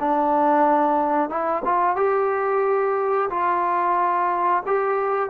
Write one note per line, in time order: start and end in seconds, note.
0.00 1.30 D4
1.30 1.63 E4
1.65 1.96 F4
1.96 3.30 G4
3.30 4.64 F4
4.67 5.30 G4